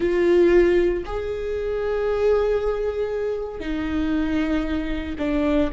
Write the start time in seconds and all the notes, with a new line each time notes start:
0.00 F4
1.05 G#4
3.60 D#4
5.18 D4